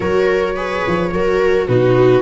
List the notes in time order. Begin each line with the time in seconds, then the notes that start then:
0.00 F#3 F#4 A#4 C#5
0.56 G#4 B4
0.86 F3
1.12 F#3 F#4 A#4
1.66 B2 D#4 F#4 B4